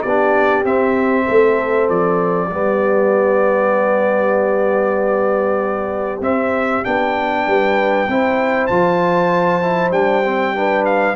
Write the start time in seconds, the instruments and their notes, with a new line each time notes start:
0.00 tuba B3, horn G4, trumpet D5
0.07 trombone D4
0.64 tuba C4, trombone C4, trumpet E5
1.26 tuba A3, horn A4
1.89 tuba F3, trumpet D5
2.48 tuba G3, trombone B3, horn G4
6.20 tuba C4, trombone C4, trumpet E5
6.83 tuba B3, trombone D4, trumpet G5
7.47 tuba G3, horn B4
8.07 tuba C4, trombone E4, horn C5
8.67 tuba F3, trombone F4, trumpet A5
9.61 trombone E4
9.90 tuba G3, trombone D4, trumpet G5
10.24 trombone C4
10.54 trombone D4, horn B4
10.85 trumpet F5